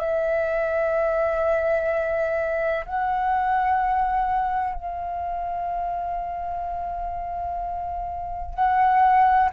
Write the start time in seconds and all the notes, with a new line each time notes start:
0.00 E5
2.86 F#5
4.74 F5
8.54 F#5